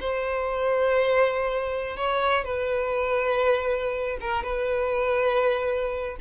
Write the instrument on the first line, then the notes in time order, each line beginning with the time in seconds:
violin
0.00 C5
1.97 C#5
2.44 B4
4.20 A#4
4.43 B4